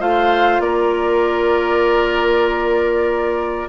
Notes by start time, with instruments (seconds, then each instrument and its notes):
0.00 bassoon A3, clarinet F4, oboe C5, flute F5
0.60 bassoon A#3, oboe A#4, flute D5